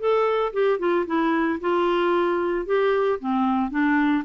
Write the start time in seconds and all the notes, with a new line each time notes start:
0.00 A4
0.54 G4
0.80 F4
1.07 E4
1.61 F4
2.66 G4
3.20 C4
3.71 D4